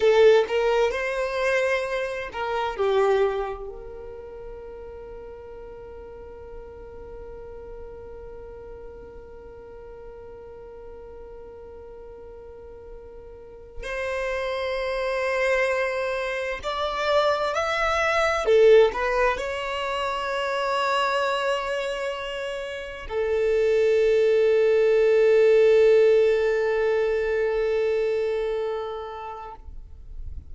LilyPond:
\new Staff \with { instrumentName = "violin" } { \time 4/4 \tempo 4 = 65 a'8 ais'8 c''4. ais'8 g'4 | ais'1~ | ais'1~ | ais'2. c''4~ |
c''2 d''4 e''4 | a'8 b'8 cis''2.~ | cis''4 a'2.~ | a'1 | }